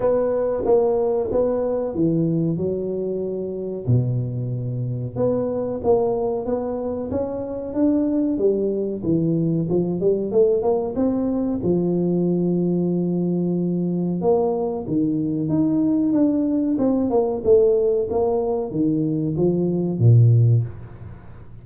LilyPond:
\new Staff \with { instrumentName = "tuba" } { \time 4/4 \tempo 4 = 93 b4 ais4 b4 e4 | fis2 b,2 | b4 ais4 b4 cis'4 | d'4 g4 e4 f8 g8 |
a8 ais8 c'4 f2~ | f2 ais4 dis4 | dis'4 d'4 c'8 ais8 a4 | ais4 dis4 f4 ais,4 | }